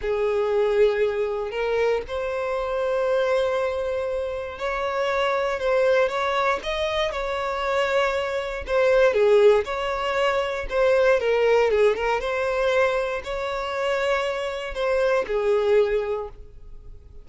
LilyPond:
\new Staff \with { instrumentName = "violin" } { \time 4/4 \tempo 4 = 118 gis'2. ais'4 | c''1~ | c''4 cis''2 c''4 | cis''4 dis''4 cis''2~ |
cis''4 c''4 gis'4 cis''4~ | cis''4 c''4 ais'4 gis'8 ais'8 | c''2 cis''2~ | cis''4 c''4 gis'2 | }